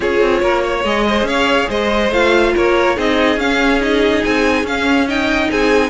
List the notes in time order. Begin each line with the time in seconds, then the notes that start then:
0.00 C#4 F4 G#4 C#5
0.21 C4
0.42 A#3 A#4
0.63 C#5
0.84 G#3 G#4 D#5
1.08 C5
1.22 C#4 C#5 F5
1.69 G#3 C5 D#5
2.11 A3 F4 F5
2.55 A#3 A#4 C#5
2.96 C4 D#4 G#4 D#5
3.36 C#4 F5
3.80 D#4 D#5
4.24 C4 G#5
4.63 C#4 F5
5.08 D#4 D#5 G5
5.50 C4 G#4 G#5